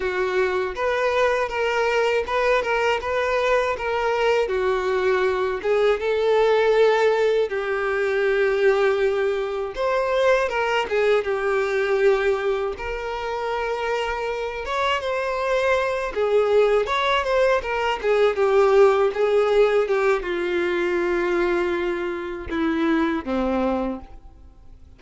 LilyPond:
\new Staff \with { instrumentName = "violin" } { \time 4/4 \tempo 4 = 80 fis'4 b'4 ais'4 b'8 ais'8 | b'4 ais'4 fis'4. gis'8 | a'2 g'2~ | g'4 c''4 ais'8 gis'8 g'4~ |
g'4 ais'2~ ais'8 cis''8 | c''4. gis'4 cis''8 c''8 ais'8 | gis'8 g'4 gis'4 g'8 f'4~ | f'2 e'4 c'4 | }